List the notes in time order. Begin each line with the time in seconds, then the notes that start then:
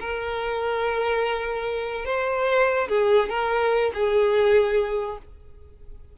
0.00 A#4
2.05 C5
2.88 G#4
3.29 A#4
3.94 G#4